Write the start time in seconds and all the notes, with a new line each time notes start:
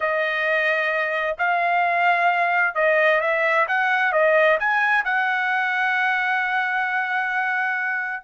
0.00 D#5
1.38 F5
2.74 D#5
3.20 E5
3.67 F#5
4.12 D#5
4.59 G#5
5.04 F#5